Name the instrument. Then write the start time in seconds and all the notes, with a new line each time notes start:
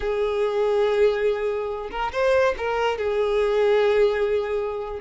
violin
0.00 G#4
1.91 A#4
2.12 C5
2.57 A#4
2.98 G#4